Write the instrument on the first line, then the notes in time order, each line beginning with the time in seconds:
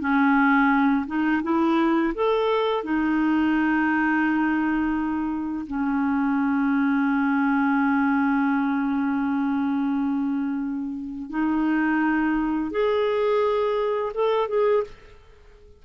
clarinet
0.00 C#4
1.07 D#4
1.43 E4
2.14 A4
2.83 D#4
5.67 C#4
11.30 D#4
12.71 G#4
14.14 A4
14.48 G#4